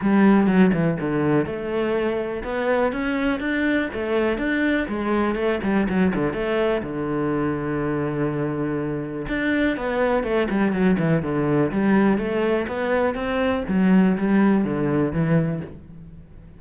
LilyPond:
\new Staff \with { instrumentName = "cello" } { \time 4/4 \tempo 4 = 123 g4 fis8 e8 d4 a4~ | a4 b4 cis'4 d'4 | a4 d'4 gis4 a8 g8 | fis8 d8 a4 d2~ |
d2. d'4 | b4 a8 g8 fis8 e8 d4 | g4 a4 b4 c'4 | fis4 g4 d4 e4 | }